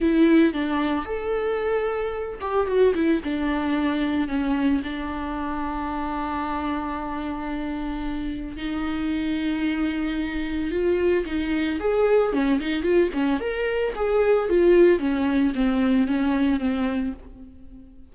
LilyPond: \new Staff \with { instrumentName = "viola" } { \time 4/4 \tempo 4 = 112 e'4 d'4 a'2~ | a'8 g'8 fis'8 e'8 d'2 | cis'4 d'2.~ | d'1 |
dis'1 | f'4 dis'4 gis'4 cis'8 dis'8 | f'8 cis'8 ais'4 gis'4 f'4 | cis'4 c'4 cis'4 c'4 | }